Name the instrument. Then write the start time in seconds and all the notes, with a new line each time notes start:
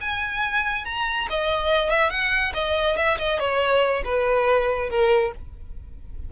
violin
0.00 G#5
0.85 A#5
1.29 D#5
1.90 E5
2.10 F#5
2.54 D#5
2.96 E5
3.18 D#5
3.39 C#5
4.04 B4
4.89 A#4